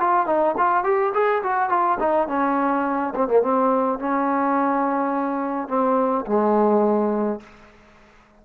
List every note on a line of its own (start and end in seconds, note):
0.00 0.26 F4
0.26 0.55 D#4
0.57 0.84 F4
0.84 1.13 G4
1.14 1.42 G#4
1.43 1.70 F#4
1.70 1.98 F4
1.99 2.28 D#4
2.28 3.14 C#4
3.15 3.28 C4
3.28 3.42 A#3
3.42 3.99 C4
3.99 5.68 C#4
5.68 6.25 C4
6.26 7.41 G#3